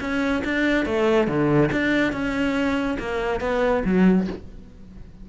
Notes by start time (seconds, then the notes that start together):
0.00 C#4
0.44 D4
0.85 A3
1.27 D3
1.72 D4
2.12 C#4
2.99 A#3
3.40 B3
3.84 F#3